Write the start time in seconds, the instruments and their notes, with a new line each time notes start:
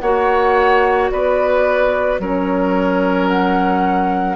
0.00 bassoon A#3, clarinet F#4, oboe C#5, flute F#5
1.10 bassoon B3, oboe B4, flute D5
2.19 bassoon F#3, clarinet C#4, oboe A#4, flute C#5
3.28 flute F#5